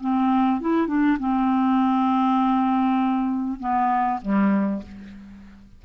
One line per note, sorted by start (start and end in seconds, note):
0.00 0.60 C4
0.60 0.87 E4
0.87 1.17 D4
1.19 3.59 C4
3.59 4.20 B3
4.21 4.82 G3